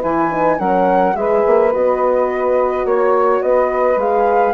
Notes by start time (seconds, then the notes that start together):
0.00 E3 E4 B4 G#5
0.31 D#4
0.58 F#3 C#4 A#4 F#5
1.14 G#3 G#4 B4 E5
1.46 A#3
1.73 B3 F#4 D#5
2.85 A#3 C#5
3.42 B3 B4 D#5
3.96 G#3 G#4 F5